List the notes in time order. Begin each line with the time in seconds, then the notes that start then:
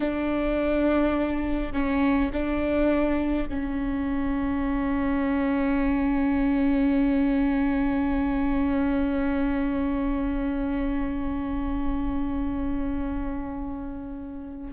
0.00 D4
1.73 C#4
2.32 D4
3.49 C#4